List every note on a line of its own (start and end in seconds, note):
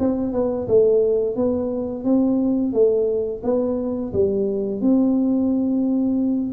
0.00 0.33 C4
0.33 0.67 B3
0.68 1.36 A3
1.36 2.05 B3
2.05 2.73 C4
2.73 3.42 A3
3.44 4.13 B3
4.13 4.81 G3
4.81 6.53 C4